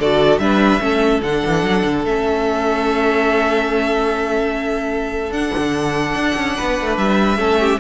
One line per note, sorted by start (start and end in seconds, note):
0.00 0.39 D3
0.00 0.40 F#4
0.00 0.41 A4
0.00 0.39 D5
0.39 0.80 G3
0.39 0.80 D4
0.39 0.83 B4
0.39 1.21 E5
0.80 1.22 A3
0.80 1.21 C#4
0.80 6.56 A4
1.23 1.43 D3
1.23 2.07 D4
1.23 2.06 F#5
1.46 1.64 E3
1.64 1.84 F#3
1.85 2.05 D3
2.05 5.31 A3
2.05 5.35 C#4
2.05 5.33 E5
5.31 5.51 D4
5.31 7.37 D4
5.31 6.97 F#5
5.58 6.15 D3
6.15 6.36 D4
6.37 6.57 C#4
6.56 6.81 B3
6.56 7.38 B4
6.81 6.98 A3
6.98 7.38 G3
6.98 7.80 E5
7.37 7.79 A3
7.37 7.79 C#4
7.37 7.60 A4
7.60 7.81 G4